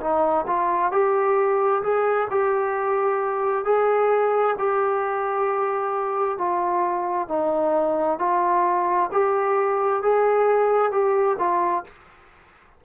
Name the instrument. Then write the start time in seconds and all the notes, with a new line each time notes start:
trombone
0.00 D#4
0.46 F4
0.91 G4
1.82 G#4
2.30 G4
3.64 G#4
4.58 G4
6.38 F4
7.28 D#4
8.19 F4
9.12 G4
10.02 G#4
10.91 G4
11.38 F4